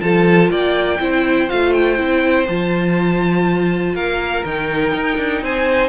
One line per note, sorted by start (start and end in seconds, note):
0.00 0.50 F3
0.00 0.98 F4
0.00 0.51 A4
0.00 0.50 A5
0.50 0.99 A#3
0.50 1.01 D5
0.50 1.49 G5
1.00 1.49 C4
1.00 1.49 E4
1.00 3.95 C5
1.49 2.00 A3
1.49 1.96 F4
1.49 1.73 F5
1.73 2.47 G5
1.96 2.48 C4
1.96 2.46 E4
2.48 3.94 F3
2.48 4.45 F4
2.48 3.95 A5
3.94 4.43 A#3
3.94 5.43 A#4
3.94 4.44 F5
4.45 4.94 D#3
4.45 5.89 D#4
4.45 5.44 G5
4.95 5.17 D#4
5.17 5.42 D4
5.42 5.89 C4
5.42 5.89 C5
5.42 5.89 G#5